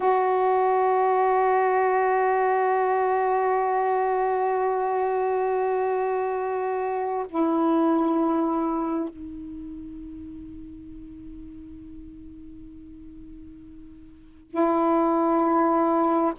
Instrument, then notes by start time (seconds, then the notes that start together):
saxophone
0.00 F#4
7.29 E4
9.09 D#4
14.50 E4